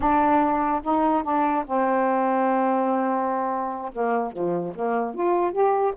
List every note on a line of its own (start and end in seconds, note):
0.00 0.81 D4
0.83 1.23 D#4
1.23 1.64 D4
1.65 3.91 C4
3.92 4.32 A#3
4.32 4.73 F3
4.75 5.14 A#3
5.14 5.52 F4
5.52 5.93 G4